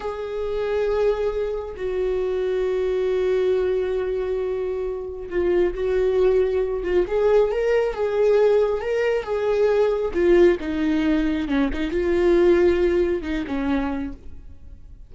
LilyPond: \new Staff \with { instrumentName = "viola" } { \time 4/4 \tempo 4 = 136 gis'1 | fis'1~ | fis'1 | f'4 fis'2~ fis'8 f'8 |
gis'4 ais'4 gis'2 | ais'4 gis'2 f'4 | dis'2 cis'8 dis'8 f'4~ | f'2 dis'8 cis'4. | }